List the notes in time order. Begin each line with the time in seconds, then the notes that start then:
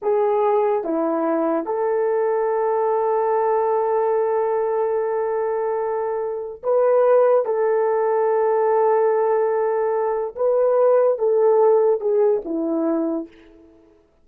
0.02 G#4
0.84 E4
1.65 A4
6.63 B4
7.45 A4
10.35 B4
11.18 A4
12.00 G#4
12.45 E4